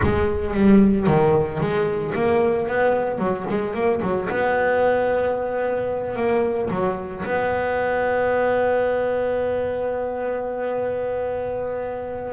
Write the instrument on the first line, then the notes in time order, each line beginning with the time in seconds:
double bass
0.03 G#3
0.54 G3
1.06 D#3
1.60 G#3
2.15 A#3
2.68 B3
3.18 F#3
3.49 G#3
3.74 A#3
4.02 F#3
4.29 B3
6.15 A#3
6.70 F#3
7.24 B3